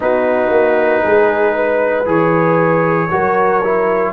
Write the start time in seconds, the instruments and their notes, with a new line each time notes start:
0.00 tuba B3, trombone D#4, horn F#4, trumpet B4
0.49 tuba A#3
1.02 tuba G#3, horn G#4
1.55 horn B4
2.05 tuba E3, trombone G#4, trumpet C#5
3.10 tuba F#3, trombone F#4, horn A#4
3.64 trombone E4